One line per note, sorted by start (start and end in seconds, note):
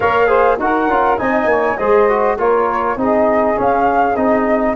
0.00 0.58 A#3
0.00 0.27 A#4
0.00 0.27 C#5
0.00 0.58 F5
0.27 0.57 G#4
0.27 0.57 C5
0.58 0.87 D#4
0.58 0.89 F#4
0.58 1.20 A#4
0.58 1.18 F#5
0.87 1.17 C#4
0.87 1.18 F4
1.18 1.45 C4
1.18 1.77 D#4
1.18 1.50 D#5
1.18 1.77 G#5
1.45 1.74 A#3
1.45 1.78 C#5
1.77 2.37 G#3
1.77 2.09 G#4
1.77 2.37 C5
1.77 2.36 D#5
2.09 2.38 F#4
2.37 2.96 A#3
2.37 2.97 F4
2.37 2.97 A#4
2.37 2.99 C#5
2.96 3.55 C4
2.96 3.55 D#4
2.96 4.76 G#4
2.96 3.59 D#5
3.55 4.15 C#4
3.55 4.16 C#4
3.55 4.16 F5
4.16 4.75 C4
4.16 4.76 D#4
4.16 4.75 D#5